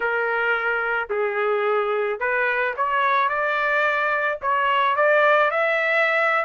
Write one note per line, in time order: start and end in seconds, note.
0.00 1.09 A#4
1.09 2.19 G#4
2.19 2.74 B4
2.76 3.28 C#5
3.28 4.38 D5
4.41 4.95 C#5
4.95 5.50 D5
5.50 6.45 E5